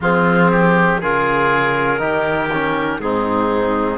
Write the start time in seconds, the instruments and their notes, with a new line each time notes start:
0.00 cello F3, trombone C4, oboe F4, clarinet G#4
0.50 oboe G4
1.00 cello C#3, trombone F4, oboe G#4, clarinet A#4
1.98 cello D#3, trombone D#4, oboe G4
2.52 trombone C#4
2.99 cello G#2, trombone C4, oboe D#4, clarinet G#4